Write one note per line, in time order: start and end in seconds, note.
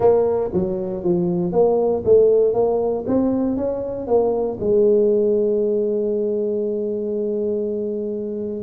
0.00 0.50 A#3
0.53 1.03 F#3
1.03 1.52 F3
1.52 2.03 A#3
2.04 2.53 A3
2.53 3.04 A#3
3.06 3.56 C4
3.56 4.07 C#4
4.07 4.58 A#3
4.60 8.63 G#3